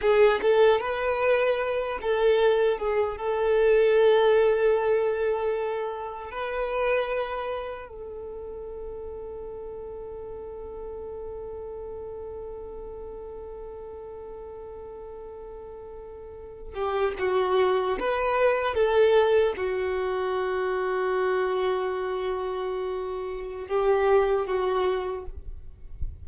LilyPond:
\new Staff \with { instrumentName = "violin" } { \time 4/4 \tempo 4 = 76 gis'8 a'8 b'4. a'4 gis'8 | a'1 | b'2 a'2~ | a'1~ |
a'1~ | a'4~ a'16 g'8 fis'4 b'4 a'16~ | a'8. fis'2.~ fis'16~ | fis'2 g'4 fis'4 | }